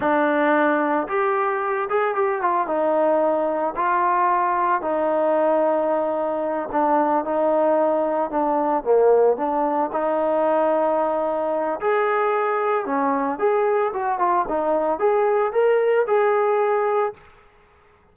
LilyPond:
\new Staff \with { instrumentName = "trombone" } { \time 4/4 \tempo 4 = 112 d'2 g'4. gis'8 | g'8 f'8 dis'2 f'4~ | f'4 dis'2.~ | dis'8 d'4 dis'2 d'8~ |
d'8 ais4 d'4 dis'4.~ | dis'2 gis'2 | cis'4 gis'4 fis'8 f'8 dis'4 | gis'4 ais'4 gis'2 | }